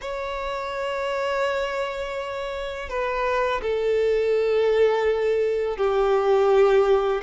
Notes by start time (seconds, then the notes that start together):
0.01 C#5
2.89 B4
3.62 A4
5.77 G4